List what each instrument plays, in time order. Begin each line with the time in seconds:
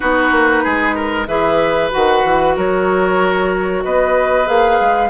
0.00 bassoon B3, clarinet D#4, oboe F#4, flute B4
0.31 bassoon A#3
0.63 bassoon G#3, oboe G#4
0.95 oboe A#4
1.26 bassoon E3, clarinet G#4, oboe B4, flute E5
1.90 bassoon D#3, clarinet F#4, flute F#5
2.24 bassoon E3
2.55 bassoon F#3, oboe A#4, flute C#5
3.84 bassoon B3, oboe B4, flute D#5
4.46 bassoon A#3, clarinet G#4, flute F5
4.80 bassoon G#3